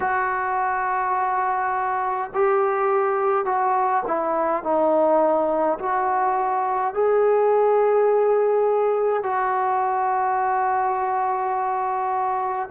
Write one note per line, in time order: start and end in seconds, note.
0.00 2.30 F#4
2.33 3.45 G4
3.45 4.03 F#4
4.07 4.63 E4
4.63 5.78 D#4
5.78 6.93 F#4
6.93 9.23 G#4
9.23 12.69 F#4